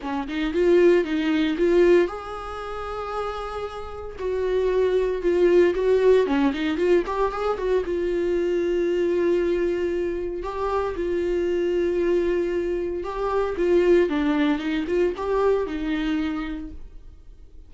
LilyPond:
\new Staff \with { instrumentName = "viola" } { \time 4/4 \tempo 4 = 115 cis'8 dis'8 f'4 dis'4 f'4 | gis'1 | fis'2 f'4 fis'4 | cis'8 dis'8 f'8 g'8 gis'8 fis'8 f'4~ |
f'1 | g'4 f'2.~ | f'4 g'4 f'4 d'4 | dis'8 f'8 g'4 dis'2 | }